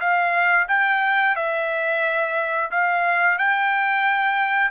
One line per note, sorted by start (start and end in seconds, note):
0.00 0.67 F5
0.68 1.35 G5
1.36 2.71 E5
2.71 3.38 F5
3.38 4.71 G5